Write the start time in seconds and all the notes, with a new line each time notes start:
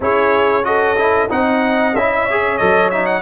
0.00 C#4 E4 G#4 C#5
0.63 F#4 A4 D#5
0.97 E4
1.29 C4 D#4 D#5 F#5
1.94 C#4 E4 E5
2.25 G#4 C#5
2.57 F#3 A4 D#5
2.90 D#4 E5
3.06 F#5